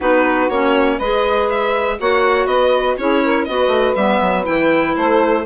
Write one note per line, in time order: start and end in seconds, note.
0.00 0.49 B3
0.00 0.50 D#4
0.00 0.95 F#4
0.00 0.49 B4
0.49 0.99 A#3
0.49 1.00 C#4
0.49 0.99 C#5
0.98 1.99 G#3
0.98 1.99 G#4
0.98 1.97 B4
0.98 1.48 D#5
1.49 1.98 E5
1.99 2.45 A#3
1.99 2.98 F#4
1.99 2.47 C#5
1.99 2.46 F#5
2.45 2.95 B3
2.45 2.97 B4
2.45 2.96 D#5
2.97 3.47 C#4
2.97 3.48 E4
2.97 3.23 G#4
2.97 3.44 C#5
3.23 3.48 A#4
3.44 3.67 B3
3.44 3.96 F#4
3.44 4.95 B4
3.44 3.94 D#5
3.67 3.92 A3
3.95 4.21 G3
3.95 4.44 B3
3.95 4.45 E5
4.21 4.46 F#3
4.44 4.96 E3
4.44 5.43 E4
4.44 4.95 G5
4.95 5.45 A3
4.95 5.45 A4
4.95 5.45 C5